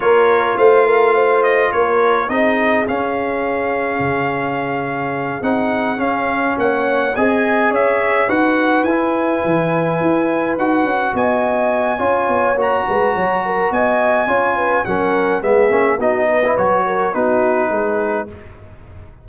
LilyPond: <<
  \new Staff \with { instrumentName = "trumpet" } { \time 4/4 \tempo 4 = 105 cis''4 f''4. dis''8 cis''4 | dis''4 f''2.~ | f''4. fis''4 f''4 fis''8~ | fis''8 gis''4 e''4 fis''4 gis''8~ |
gis''2~ gis''8 fis''4 gis''8~ | gis''2 ais''2 | gis''2 fis''4 e''4 | dis''4 cis''4 b'2 | }
  \new Staff \with { instrumentName = "horn" } { \time 4/4 ais'4 c''8 ais'8 c''4 ais'4 | gis'1~ | gis'2.~ gis'8 cis''8~ | cis''8 dis''4 cis''4 b'4.~ |
b'2.~ b'8 dis''8~ | dis''4 cis''4. b'8 cis''8 ais'8 | dis''4 cis''8 b'8 ais'4 gis'4 | fis'8 b'4 ais'8 fis'4 gis'4 | }
  \new Staff \with { instrumentName = "trombone" } { \time 4/4 f'1 | dis'4 cis'2.~ | cis'4. dis'4 cis'4.~ | cis'8 gis'2 fis'4 e'8~ |
e'2~ e'8 fis'4.~ | fis'4 f'4 fis'2~ | fis'4 f'4 cis'4 b8 cis'8 | dis'8. e'16 fis'4 dis'2 | }
  \new Staff \with { instrumentName = "tuba" } { \time 4/4 ais4 a2 ais4 | c'4 cis'2 cis4~ | cis4. c'4 cis'4 ais8~ | ais8 c'4 cis'4 dis'4 e'8~ |
e'8 e4 e'4 dis'8 cis'8 b8~ | b4 cis'8 b8 ais8 gis8 fis4 | b4 cis'4 fis4 gis8 ais8 | b4 fis4 b4 gis4 | }
>>